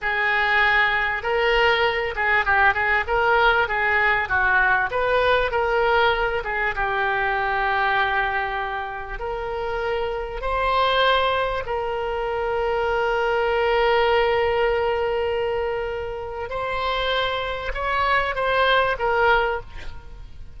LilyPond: \new Staff \with { instrumentName = "oboe" } { \time 4/4 \tempo 4 = 98 gis'2 ais'4. gis'8 | g'8 gis'8 ais'4 gis'4 fis'4 | b'4 ais'4. gis'8 g'4~ | g'2. ais'4~ |
ais'4 c''2 ais'4~ | ais'1~ | ais'2. c''4~ | c''4 cis''4 c''4 ais'4 | }